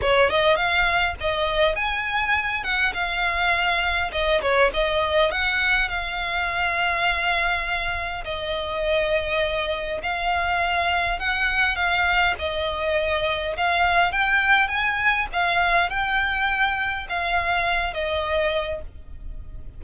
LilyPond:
\new Staff \with { instrumentName = "violin" } { \time 4/4 \tempo 4 = 102 cis''8 dis''8 f''4 dis''4 gis''4~ | gis''8 fis''8 f''2 dis''8 cis''8 | dis''4 fis''4 f''2~ | f''2 dis''2~ |
dis''4 f''2 fis''4 | f''4 dis''2 f''4 | g''4 gis''4 f''4 g''4~ | g''4 f''4. dis''4. | }